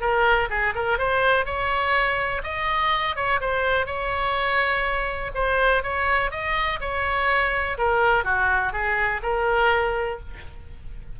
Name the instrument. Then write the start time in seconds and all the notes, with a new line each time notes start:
oboe
0.00 A#4
0.49 G#4
0.75 A#4
0.98 C5
1.45 C#5
2.43 D#5
3.16 C#5
3.40 C5
3.86 C#5
5.34 C5
5.82 C#5
6.31 D#5
6.80 C#5
7.77 A#4
8.24 F#4
8.72 G#4
9.22 A#4